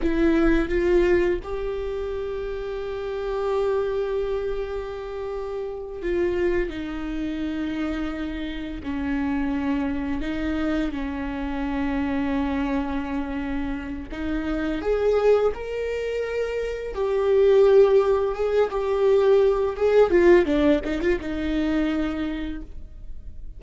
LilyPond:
\new Staff \with { instrumentName = "viola" } { \time 4/4 \tempo 4 = 85 e'4 f'4 g'2~ | g'1~ | g'8 f'4 dis'2~ dis'8~ | dis'8 cis'2 dis'4 cis'8~ |
cis'1 | dis'4 gis'4 ais'2 | g'2 gis'8 g'4. | gis'8 f'8 d'8 dis'16 f'16 dis'2 | }